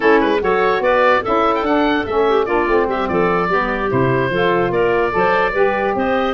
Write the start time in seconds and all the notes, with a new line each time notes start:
0.00 A3 C#4 E4 A4
0.20 G#3 B4
0.40 F#3 F#4 A4 C#5
0.80 B3 B4 D5
1.21 C#4 E4 A4 E5
1.54 G5
1.62 D4 F#5
2.05 A3 C#4 E5
2.28 G4
2.45 A#3 D4 F4 D5
2.66 A3 C4
2.87 G3 G4 E5
3.08 F3 A4 D5
3.48 G3 B3 G4
3.89 C3 E4 C5
4.29 F3 F4 A4
4.70 A#3 A#4 D5
5.10 F#3 A4
5.17 C5
5.52 G3 G4 B4
5.95 C4 C5 D#5